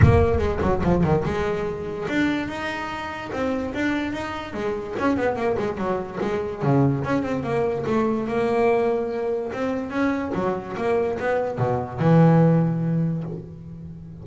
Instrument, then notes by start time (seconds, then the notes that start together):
double bass
0.02 A#3
0.38 G#3
0.61 F#3
0.83 F3
1.03 D#3
1.24 G#3
2.09 D4
2.48 D#4
3.32 C4
3.74 D4
4.12 D#4
4.53 G#3
4.98 C#4
5.16 B3
5.35 A#3
5.58 G#3
5.77 F#3
6.21 G#3
6.62 C#3
7.04 C#4
7.22 C4
7.43 A#3
7.86 A3
8.27 A#3
9.52 C4
9.90 C#4
10.34 F#3
10.76 A#3
11.19 B3
11.58 B2
11.99 E3